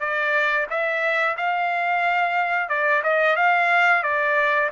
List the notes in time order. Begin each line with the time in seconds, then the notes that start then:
0.00 D5
0.70 E5
1.37 F5
2.69 D5
3.03 D#5
3.36 F5
4.03 D5